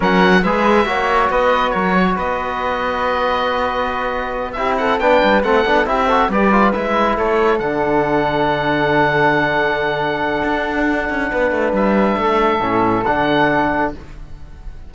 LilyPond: <<
  \new Staff \with { instrumentName = "oboe" } { \time 4/4 \tempo 4 = 138 fis''4 e''2 dis''4 | cis''4 dis''2.~ | dis''2~ dis''8 e''8 fis''8 g''8~ | g''8 fis''4 e''4 d''4 e''8~ |
e''8 cis''4 fis''2~ fis''8~ | fis''1~ | fis''2. e''4~ | e''2 fis''2 | }
  \new Staff \with { instrumentName = "flute" } { \time 4/4 ais'4 b'4 cis''4 b'4 | ais'8 cis''8 b'2.~ | b'2~ b'8 g'8 a'8 b'8~ | b'8 a'4 g'8 a'8 b'4.~ |
b'8 a'2.~ a'8~ | a'1~ | a'2 b'2 | a'1 | }
  \new Staff \with { instrumentName = "trombone" } { \time 4/4 cis'4 gis'4 fis'2~ | fis'1~ | fis'2~ fis'8 e'4 d'8~ | d'8 c'8 d'8 e'8 fis'8 g'8 f'8 e'8~ |
e'4. d'2~ d'8~ | d'1~ | d'1~ | d'4 cis'4 d'2 | }
  \new Staff \with { instrumentName = "cello" } { \time 4/4 fis4 gis4 ais4 b4 | fis4 b2.~ | b2~ b8 c'4 b8 | g8 a8 b8 c'4 g4 gis8~ |
gis8 a4 d2~ d8~ | d1 | d'4. cis'8 b8 a8 g4 | a4 a,4 d2 | }
>>